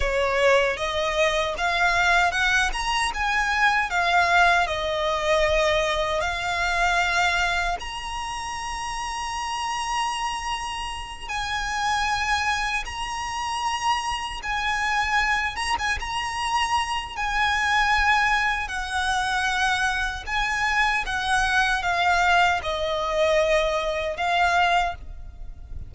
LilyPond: \new Staff \with { instrumentName = "violin" } { \time 4/4 \tempo 4 = 77 cis''4 dis''4 f''4 fis''8 ais''8 | gis''4 f''4 dis''2 | f''2 ais''2~ | ais''2~ ais''8 gis''4.~ |
gis''8 ais''2 gis''4. | ais''16 gis''16 ais''4. gis''2 | fis''2 gis''4 fis''4 | f''4 dis''2 f''4 | }